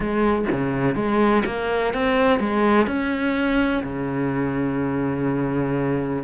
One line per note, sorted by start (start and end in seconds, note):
0.00 0.45 G#3
0.51 0.95 C#3
0.95 1.43 G#3
1.45 1.93 A#3
1.93 2.39 C4
2.39 2.87 G#3
2.87 3.83 C#4
3.83 6.23 C#3